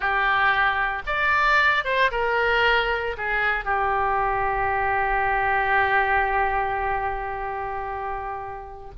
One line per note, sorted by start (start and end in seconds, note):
0.00 1.02 G4
1.06 1.84 D5
1.84 2.11 C5
2.11 3.16 A#4
3.17 3.65 G#4
3.65 8.91 G4